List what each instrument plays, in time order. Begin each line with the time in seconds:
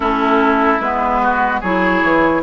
0.00 bassoon A3, clarinet C#4, oboe E4, flute A4
0.79 bassoon G#3, clarinet B3, flute B4
1.22 oboe F#4
1.60 bassoon F#3, clarinet E4, oboe G#4, flute C#5
2.03 bassoon E3